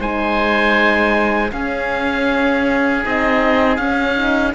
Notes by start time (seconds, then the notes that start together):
0.00 G#3 D#4 C5 G#5
1.52 C#4 G#4 F5
3.04 C4 D#4 D#5
3.77 C#4 F5
4.16 D#4